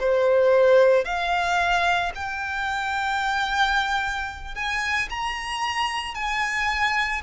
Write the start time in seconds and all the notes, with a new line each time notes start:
0.00 C5
1.05 F5
2.15 G5
4.55 G#5
5.10 A#5
6.15 G#5